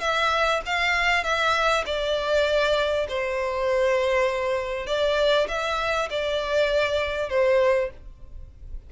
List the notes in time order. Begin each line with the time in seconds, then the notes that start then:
0.00 E5
0.66 F5
1.23 E5
1.85 D5
3.09 C5
4.87 D5
5.48 E5
6.10 D5
7.29 C5